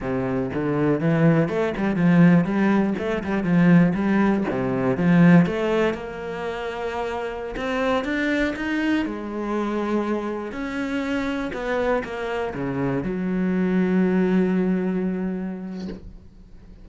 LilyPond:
\new Staff \with { instrumentName = "cello" } { \time 4/4 \tempo 4 = 121 c4 d4 e4 a8 g8 | f4 g4 a8 g8 f4 | g4 c4 f4 a4 | ais2.~ ais16 c'8.~ |
c'16 d'4 dis'4 gis4.~ gis16~ | gis4~ gis16 cis'2 b8.~ | b16 ais4 cis4 fis4.~ fis16~ | fis1 | }